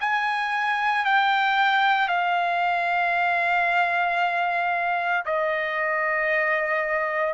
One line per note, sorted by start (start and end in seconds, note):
0.00 1.05 G#5
1.05 2.08 G5
2.08 5.24 F5
5.25 7.33 D#5